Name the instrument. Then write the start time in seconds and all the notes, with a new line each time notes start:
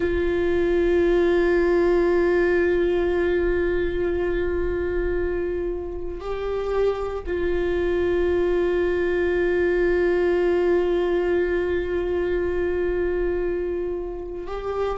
viola
0.00 F4
6.20 G4
7.26 F4
14.47 G4